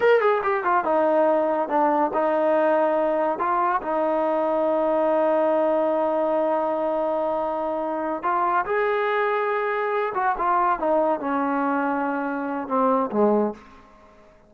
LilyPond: \new Staff \with { instrumentName = "trombone" } { \time 4/4 \tempo 4 = 142 ais'8 gis'8 g'8 f'8 dis'2 | d'4 dis'2. | f'4 dis'2.~ | dis'1~ |
dis'2.~ dis'8 f'8~ | f'8 gis'2.~ gis'8 | fis'8 f'4 dis'4 cis'4.~ | cis'2 c'4 gis4 | }